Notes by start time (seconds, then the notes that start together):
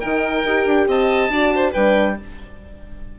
0.00 D#3 D#4 A#4 G5
0.45 D#4 G4
0.66 D4
0.87 C4 D#5 A5
1.29 D4 F#4 D5
1.55 C5
1.71 G3 D4 B4 G5